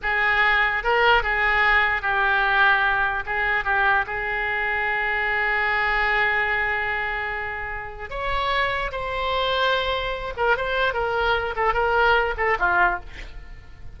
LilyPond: \new Staff \with { instrumentName = "oboe" } { \time 4/4 \tempo 4 = 148 gis'2 ais'4 gis'4~ | gis'4 g'2. | gis'4 g'4 gis'2~ | gis'1~ |
gis'1 | cis''2 c''2~ | c''4. ais'8 c''4 ais'4~ | ais'8 a'8 ais'4. a'8 f'4 | }